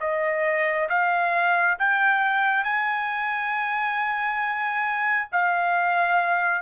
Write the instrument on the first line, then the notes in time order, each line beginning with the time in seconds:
trumpet
0.00 D#5
0.89 F5
1.79 G5
2.64 G#5
5.32 F5